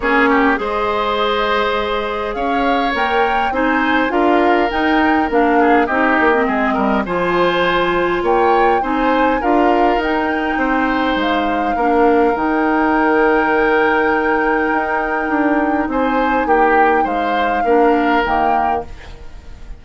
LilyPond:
<<
  \new Staff \with { instrumentName = "flute" } { \time 4/4 \tempo 4 = 102 cis''4 dis''2. | f''4 g''4 gis''4 f''4 | g''4 f''4 dis''2 | gis''2 g''4 gis''4 |
f''4 g''2 f''4~ | f''4 g''2.~ | g''2. gis''4 | g''4 f''2 g''4 | }
  \new Staff \with { instrumentName = "oboe" } { \time 4/4 gis'8 g'8 c''2. | cis''2 c''4 ais'4~ | ais'4. gis'8 g'4 gis'8 ais'8 | c''2 cis''4 c''4 |
ais'2 c''2 | ais'1~ | ais'2. c''4 | g'4 c''4 ais'2 | }
  \new Staff \with { instrumentName = "clarinet" } { \time 4/4 cis'4 gis'2.~ | gis'4 ais'4 dis'4 f'4 | dis'4 d'4 dis'8. c'4~ c'16 | f'2. dis'4 |
f'4 dis'2. | d'4 dis'2.~ | dis'1~ | dis'2 d'4 ais4 | }
  \new Staff \with { instrumentName = "bassoon" } { \time 4/4 ais4 gis2. | cis'4 ais4 c'4 d'4 | dis'4 ais4 c'8 ais8 gis8 g8 | f2 ais4 c'4 |
d'4 dis'4 c'4 gis4 | ais4 dis2.~ | dis4 dis'4 d'4 c'4 | ais4 gis4 ais4 dis4 | }
>>